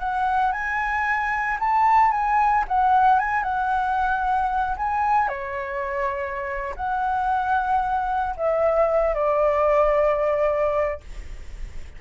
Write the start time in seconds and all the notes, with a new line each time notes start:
0.00 F#5
0.52 G#5
1.60 A5
2.12 G#5
2.68 F#5
3.20 G#5
3.44 F#5
4.77 G#5
5.29 C#5
6.77 F#5
8.37 E5
9.15 D5